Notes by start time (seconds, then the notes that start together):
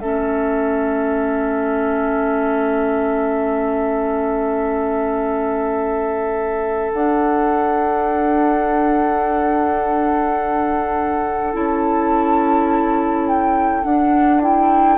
0.00 A3 C#4 A4 E5
6.93 D4 F#5
11.53 C#4 E4 A5
13.27 G5
13.84 D4 F#5
14.42 E4 G5